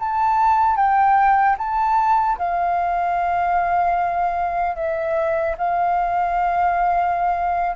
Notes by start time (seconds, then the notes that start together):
0.00 A5
0.76 G5
1.58 A5
2.39 F5
4.76 E5
5.58 F5